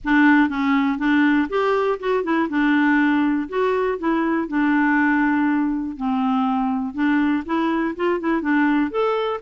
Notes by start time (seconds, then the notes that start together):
0.04 D4
0.49 C#4
0.98 D4
1.49 G4
1.99 F#4
2.23 E4
2.49 D4
3.48 F#4
3.98 E4
4.48 D4
5.96 C4
6.94 D4
7.45 E4
7.96 F4
8.20 E4
8.41 D4
8.91 A4